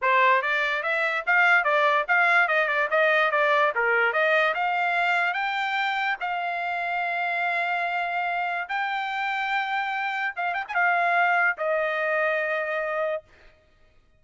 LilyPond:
\new Staff \with { instrumentName = "trumpet" } { \time 4/4 \tempo 4 = 145 c''4 d''4 e''4 f''4 | d''4 f''4 dis''8 d''8 dis''4 | d''4 ais'4 dis''4 f''4~ | f''4 g''2 f''4~ |
f''1~ | f''4 g''2.~ | g''4 f''8 g''16 gis''16 f''2 | dis''1 | }